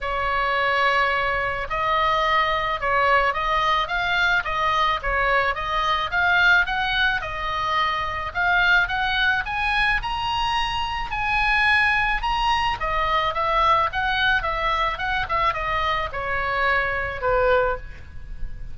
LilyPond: \new Staff \with { instrumentName = "oboe" } { \time 4/4 \tempo 4 = 108 cis''2. dis''4~ | dis''4 cis''4 dis''4 f''4 | dis''4 cis''4 dis''4 f''4 | fis''4 dis''2 f''4 |
fis''4 gis''4 ais''2 | gis''2 ais''4 dis''4 | e''4 fis''4 e''4 fis''8 e''8 | dis''4 cis''2 b'4 | }